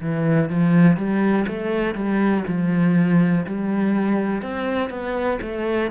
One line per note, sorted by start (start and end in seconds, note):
0.00 0.49 E3
0.49 0.97 F3
0.97 1.46 G3
1.47 1.94 A3
1.94 2.44 G3
2.47 3.46 F3
3.46 4.42 G3
4.42 4.90 C4
4.90 5.39 B3
5.41 5.90 A3